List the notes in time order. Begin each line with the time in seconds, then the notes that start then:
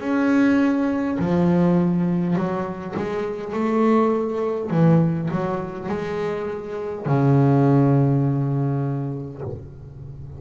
0.00 C#4
1.19 F3
2.36 F#3
2.97 G#3
3.53 A3
4.71 E3
5.31 F#3
5.89 G#3
7.06 C#3